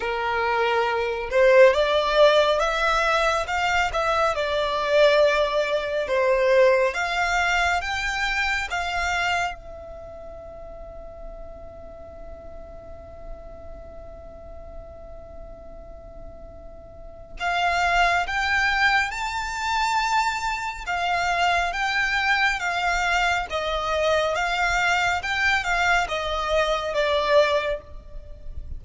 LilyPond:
\new Staff \with { instrumentName = "violin" } { \time 4/4 \tempo 4 = 69 ais'4. c''8 d''4 e''4 | f''8 e''8 d''2 c''4 | f''4 g''4 f''4 e''4~ | e''1~ |
e''1 | f''4 g''4 a''2 | f''4 g''4 f''4 dis''4 | f''4 g''8 f''8 dis''4 d''4 | }